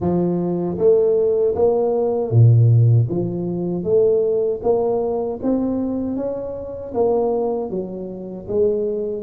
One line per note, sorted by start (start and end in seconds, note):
0.00 0.77 F3
0.77 1.54 A3
1.55 2.30 A#3
2.30 3.07 A#2
3.09 3.83 F3
3.83 4.60 A3
4.62 5.39 A#3
5.42 6.16 C4
6.16 6.93 C#4
6.94 7.70 A#3
7.70 8.47 F#3
8.48 9.22 G#3